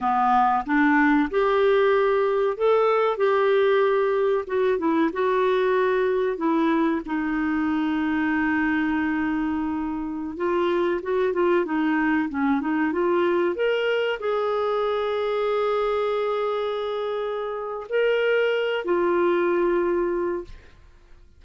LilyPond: \new Staff \with { instrumentName = "clarinet" } { \time 4/4 \tempo 4 = 94 b4 d'4 g'2 | a'4 g'2 fis'8 e'8 | fis'2 e'4 dis'4~ | dis'1~ |
dis'16 f'4 fis'8 f'8 dis'4 cis'8 dis'16~ | dis'16 f'4 ais'4 gis'4.~ gis'16~ | gis'1 | ais'4. f'2~ f'8 | }